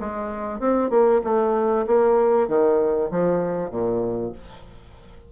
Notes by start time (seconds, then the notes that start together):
0.00 G#3
0.60 C4
0.90 A#3
1.25 A3
1.87 A#3
2.48 D#3
3.11 F3
3.71 A#2